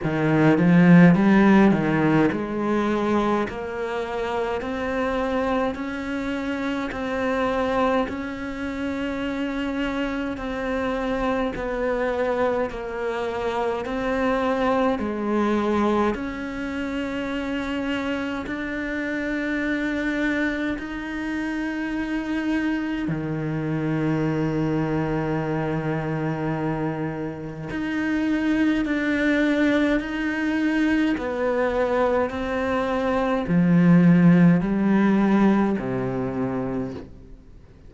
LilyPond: \new Staff \with { instrumentName = "cello" } { \time 4/4 \tempo 4 = 52 dis8 f8 g8 dis8 gis4 ais4 | c'4 cis'4 c'4 cis'4~ | cis'4 c'4 b4 ais4 | c'4 gis4 cis'2 |
d'2 dis'2 | dis1 | dis'4 d'4 dis'4 b4 | c'4 f4 g4 c4 | }